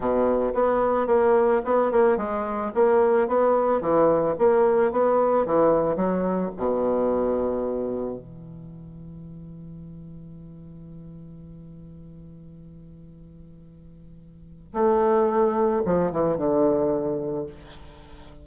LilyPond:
\new Staff \with { instrumentName = "bassoon" } { \time 4/4 \tempo 4 = 110 b,4 b4 ais4 b8 ais8 | gis4 ais4 b4 e4 | ais4 b4 e4 fis4 | b,2. e4~ |
e1~ | e1~ | e2. a4~ | a4 f8 e8 d2 | }